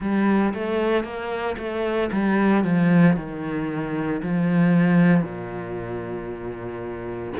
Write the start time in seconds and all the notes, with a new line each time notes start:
0.00 G3
0.54 A3
1.03 A#3
1.57 A3
2.11 G3
2.64 F3
3.16 D#3
4.22 F3
5.23 A#2